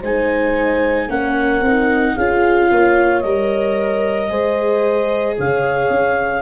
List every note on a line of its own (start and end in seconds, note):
0.00 1.08 G#3
0.00 1.09 D#4
0.00 1.07 C5
0.00 1.10 G#5
1.08 1.61 A#3
1.08 1.62 C#4
1.08 2.14 A#4
1.08 2.17 F#5
1.61 2.15 C4
1.61 2.19 D#4
2.14 2.70 C#4
2.14 3.24 F4
2.14 2.68 G#4
2.14 3.20 F5
2.71 3.24 A#3
2.71 4.29 C#5
3.20 4.30 G3
3.20 4.29 A#4
3.20 5.35 D#5
4.29 5.37 G#3
4.29 6.42 G#4
4.29 5.36 C5
5.38 5.90 C#3
5.38 6.42 C#5
5.38 6.42 F5
5.90 6.42 C#4